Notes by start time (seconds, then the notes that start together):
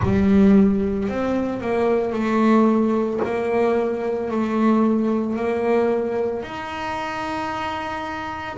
0.02 G3
1.08 C4
1.61 A#3
2.12 A3
3.24 A#3
4.31 A3
5.36 A#3
6.42 D#4